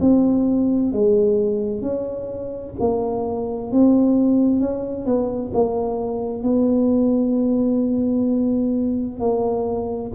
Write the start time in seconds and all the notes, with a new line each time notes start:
0.00 C4
0.92 G#3
1.81 C#4
2.79 A#3
3.71 C4
4.60 C#4
5.05 B3
5.53 A#3
6.42 B3
9.19 A#3